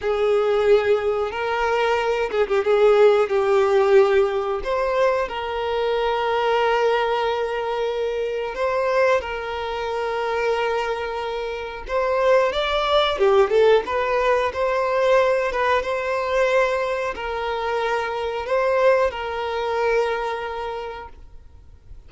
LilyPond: \new Staff \with { instrumentName = "violin" } { \time 4/4 \tempo 4 = 91 gis'2 ais'4. gis'16 g'16 | gis'4 g'2 c''4 | ais'1~ | ais'4 c''4 ais'2~ |
ais'2 c''4 d''4 | g'8 a'8 b'4 c''4. b'8 | c''2 ais'2 | c''4 ais'2. | }